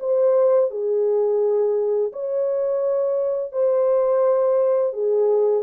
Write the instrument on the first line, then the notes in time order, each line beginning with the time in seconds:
horn
0.00 C5
0.71 G#4
2.12 C#5
3.52 C5
4.93 G#4